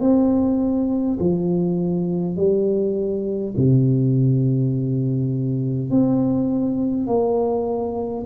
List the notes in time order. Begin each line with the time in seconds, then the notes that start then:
0.00 C4
1.20 F3
2.36 G3
3.57 C3
5.90 C4
7.07 A#3